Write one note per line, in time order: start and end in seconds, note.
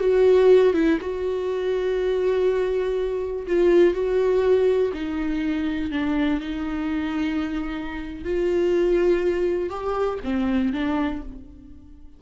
0.00 0.74 F#4
0.74 0.98 E4
1.01 3.46 F#4
3.47 3.94 F4
3.94 4.92 F#4
4.93 5.91 D#4
5.91 6.40 D4
6.41 8.25 D#4
8.25 9.70 F4
9.70 10.19 G4
10.24 10.73 C4
10.73 11.22 D4